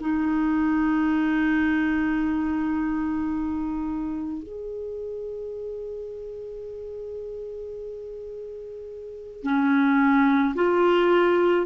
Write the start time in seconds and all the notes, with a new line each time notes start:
0.00 D#4
4.43 G#4
9.43 C#4
10.55 F4